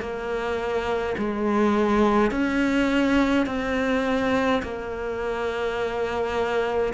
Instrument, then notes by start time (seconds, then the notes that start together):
cello
0.00 A#3
1.17 G#3
2.31 C#4
3.46 C4
4.63 A#3